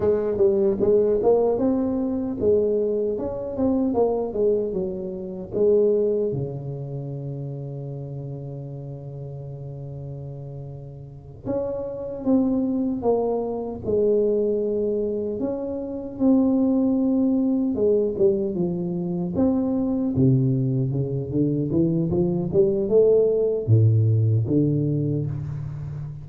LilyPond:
\new Staff \with { instrumentName = "tuba" } { \time 4/4 \tempo 4 = 76 gis8 g8 gis8 ais8 c'4 gis4 | cis'8 c'8 ais8 gis8 fis4 gis4 | cis1~ | cis2~ cis8 cis'4 c'8~ |
c'8 ais4 gis2 cis'8~ | cis'8 c'2 gis8 g8 f8~ | f8 c'4 c4 cis8 d8 e8 | f8 g8 a4 a,4 d4 | }